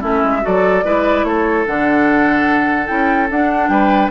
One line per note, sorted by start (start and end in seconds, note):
0.00 0.23 A3
0.00 0.42 C#4
0.00 0.41 E4
0.00 0.46 E5
0.23 0.44 G#3
0.42 0.84 F#3
0.42 0.82 F#4
0.42 0.85 A4
0.42 1.24 D5
0.84 1.24 G#3
0.84 1.66 E4
0.84 1.26 B4
1.24 1.64 A3
1.24 3.71 A4
1.24 1.65 C#5
1.66 2.90 D3
1.66 2.87 D4
1.66 2.87 F#5
2.87 3.30 C#4
2.87 3.28 E4
2.87 3.28 G5
3.30 3.69 D4
3.30 4.11 D4
3.30 3.68 F#5
3.68 4.09 G3
3.68 4.11 B4
3.68 4.09 G5